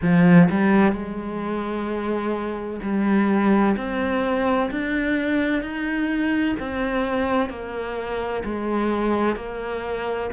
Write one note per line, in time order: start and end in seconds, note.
0.02 0.49 F3
0.50 0.92 G3
0.92 2.80 G#3
2.82 3.76 G3
3.76 4.70 C4
4.70 5.62 D4
5.62 6.55 D#4
6.59 7.49 C4
7.49 8.43 A#3
8.44 9.36 G#3
9.36 10.30 A#3